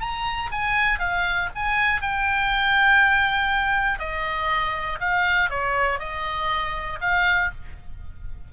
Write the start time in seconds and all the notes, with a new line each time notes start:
0.00 A#5
0.51 G#5
0.99 F5
1.55 G#5
2.01 G5
3.99 D#5
5.00 F5
5.50 C#5
5.99 D#5
7.00 F5